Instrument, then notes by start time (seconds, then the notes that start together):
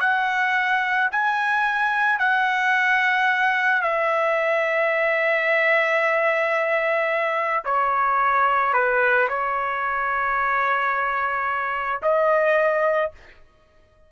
trumpet
0.00 F#5
1.11 G#5
2.19 F#5
3.82 E5
7.65 C#5
8.73 B4
9.28 C#5
12.02 D#5